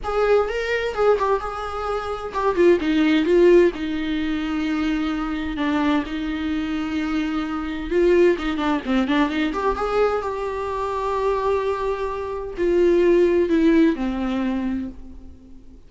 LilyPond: \new Staff \with { instrumentName = "viola" } { \time 4/4 \tempo 4 = 129 gis'4 ais'4 gis'8 g'8 gis'4~ | gis'4 g'8 f'8 dis'4 f'4 | dis'1 | d'4 dis'2.~ |
dis'4 f'4 dis'8 d'8 c'8 d'8 | dis'8 g'8 gis'4 g'2~ | g'2. f'4~ | f'4 e'4 c'2 | }